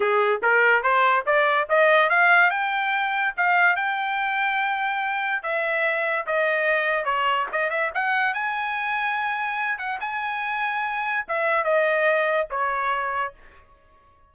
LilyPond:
\new Staff \with { instrumentName = "trumpet" } { \time 4/4 \tempo 4 = 144 gis'4 ais'4 c''4 d''4 | dis''4 f''4 g''2 | f''4 g''2.~ | g''4 e''2 dis''4~ |
dis''4 cis''4 dis''8 e''8 fis''4 | gis''2.~ gis''8 fis''8 | gis''2. e''4 | dis''2 cis''2 | }